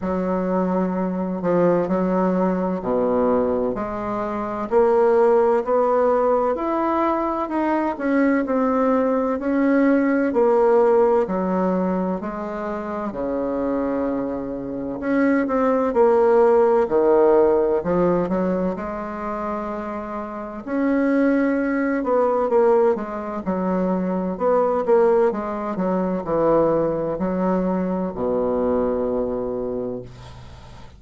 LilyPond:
\new Staff \with { instrumentName = "bassoon" } { \time 4/4 \tempo 4 = 64 fis4. f8 fis4 b,4 | gis4 ais4 b4 e'4 | dis'8 cis'8 c'4 cis'4 ais4 | fis4 gis4 cis2 |
cis'8 c'8 ais4 dis4 f8 fis8 | gis2 cis'4. b8 | ais8 gis8 fis4 b8 ais8 gis8 fis8 | e4 fis4 b,2 | }